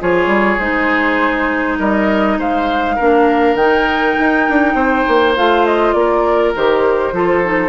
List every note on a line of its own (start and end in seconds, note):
0.00 0.27 F3
0.00 0.59 F4
0.00 1.79 G#4
0.00 0.59 C#5
0.27 0.56 G3
0.59 1.78 G#3
0.59 2.98 D#4
0.59 1.78 C5
1.79 2.38 G3
1.79 2.38 A#4
1.79 2.39 D#5
2.38 2.98 G#3
2.38 2.95 C5
2.38 3.56 F5
2.95 3.55 A#3
2.95 3.58 D4
2.95 4.74 A#4
3.55 4.14 D#3
3.55 5.36 D#4
3.55 5.34 G5
4.19 4.49 D#4
4.49 4.74 D4
4.74 5.04 C4
4.74 5.94 C5
5.08 5.37 A#3
5.36 5.94 A3
5.36 6.55 F4
5.36 5.66 F5
5.66 5.93 D#5
5.93 6.53 A#3
5.93 6.52 D5
6.00 7.14 A#4
6.55 7.12 D#3
6.55 7.14 G4
6.55 7.69 C5
7.12 7.69 F3
7.12 7.43 F4
7.12 7.69 A4
7.44 7.69 D#4